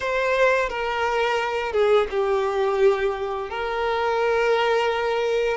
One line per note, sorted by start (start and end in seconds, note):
0.00 0.69 C5
0.69 1.72 A#4
1.72 2.07 G#4
2.10 3.49 G4
3.50 5.57 A#4